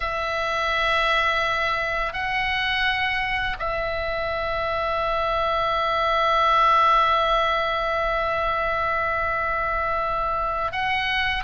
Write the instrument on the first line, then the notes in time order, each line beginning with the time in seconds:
oboe
0.00 E5
2.13 F#5
3.59 E5
10.72 F#5